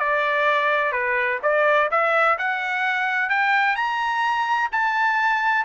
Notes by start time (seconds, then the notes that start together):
0.00 D5
0.93 B4
1.43 D5
1.91 E5
2.38 F#5
3.30 G5
3.76 A#5
4.72 A5